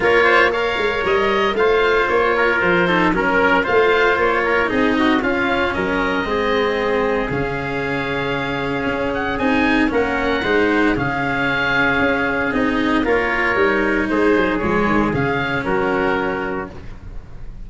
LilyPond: <<
  \new Staff \with { instrumentName = "oboe" } { \time 4/4 \tempo 4 = 115 cis''4 f''4 dis''4 f''4 | cis''4 c''4 ais'4 f''4 | cis''4 dis''4 f''4 dis''4~ | dis''2 f''2~ |
f''4. fis''8 gis''4 fis''4~ | fis''4 f''2. | dis''4 cis''2 c''4 | cis''4 f''4 ais'2 | }
  \new Staff \with { instrumentName = "trumpet" } { \time 4/4 ais'8 c''8 cis''2 c''4~ | c''8 ais'4 a'8 ais'4 c''4~ | c''8 ais'8 gis'8 fis'8 f'4 ais'4 | gis'1~ |
gis'2. ais'4 | c''4 gis'2.~ | gis'4 ais'2 gis'4~ | gis'2 fis'2 | }
  \new Staff \with { instrumentName = "cello" } { \time 4/4 f'4 ais'2 f'4~ | f'4. dis'8 cis'4 f'4~ | f'4 dis'4 cis'2 | c'2 cis'2~ |
cis'2 dis'4 cis'4 | dis'4 cis'2. | dis'4 f'4 dis'2 | gis4 cis'2. | }
  \new Staff \with { instrumentName = "tuba" } { \time 4/4 ais4. gis8 g4 a4 | ais4 f4 fis4 a4 | ais4 c'4 cis'4 fis4 | gis2 cis2~ |
cis4 cis'4 c'4 ais4 | gis4 cis2 cis'4 | c'4 ais4 g4 gis8 fis8 | f8 dis8 cis4 fis2 | }
>>